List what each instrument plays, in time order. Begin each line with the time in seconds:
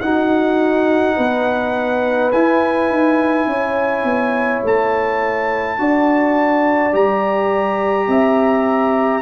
0.00 tuba D#4, trombone D#4, horn F#4, trumpet F#5
1.17 tuba B3, horn B4
2.32 tuba E4, trombone E4, trumpet G#5
2.90 tuba D#4
3.46 tuba C#4, horn C#5
4.04 tuba B3
4.64 tuba A3, trumpet A5
5.78 tuba D4, trombone F#4, horn D5
6.92 tuba G3, trombone G4, trumpet A#5
8.07 tuba C4, horn E5